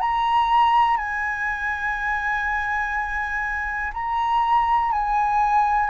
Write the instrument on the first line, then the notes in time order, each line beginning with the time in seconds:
flute
0.00 A#5
0.97 G#5
3.93 A#5
4.91 G#5